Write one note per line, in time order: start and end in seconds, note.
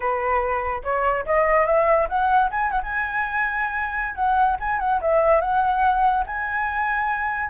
0.00 0.82 B4
0.83 1.25 C#5
1.25 1.66 D#5
1.66 2.07 E5
2.08 2.50 F#5
2.50 2.71 G#5
2.71 2.81 F#5
2.83 4.15 G#5
4.15 4.56 F#5
4.59 4.79 G#5
4.79 5.00 F#5
5.01 5.41 E5
5.41 6.24 F#5
6.26 7.49 G#5